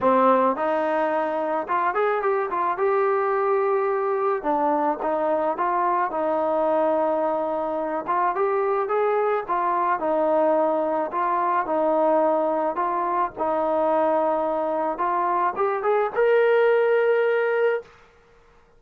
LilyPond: \new Staff \with { instrumentName = "trombone" } { \time 4/4 \tempo 4 = 108 c'4 dis'2 f'8 gis'8 | g'8 f'8 g'2. | d'4 dis'4 f'4 dis'4~ | dis'2~ dis'8 f'8 g'4 |
gis'4 f'4 dis'2 | f'4 dis'2 f'4 | dis'2. f'4 | g'8 gis'8 ais'2. | }